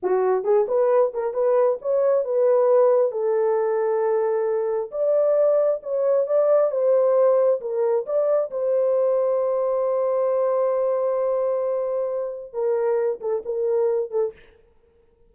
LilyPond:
\new Staff \with { instrumentName = "horn" } { \time 4/4 \tempo 4 = 134 fis'4 gis'8 b'4 ais'8 b'4 | cis''4 b'2 a'4~ | a'2. d''4~ | d''4 cis''4 d''4 c''4~ |
c''4 ais'4 d''4 c''4~ | c''1~ | c''1 | ais'4. a'8 ais'4. a'8 | }